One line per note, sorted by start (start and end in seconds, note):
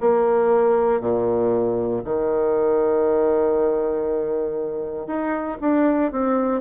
0.00 1.00 A#3
1.00 2.02 A#2
2.04 5.07 D#3
5.07 5.57 D#4
5.61 6.11 D4
6.11 6.61 C4